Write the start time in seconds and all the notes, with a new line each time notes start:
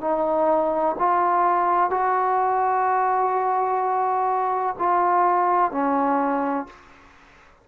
0.00 D#4
0.98 F4
1.90 F#4
4.78 F4
5.71 C#4